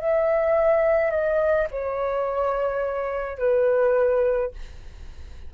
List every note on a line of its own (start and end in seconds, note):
0.00 1.11 E5
1.11 1.67 D#5
1.71 3.39 C#5
3.39 4.52 B4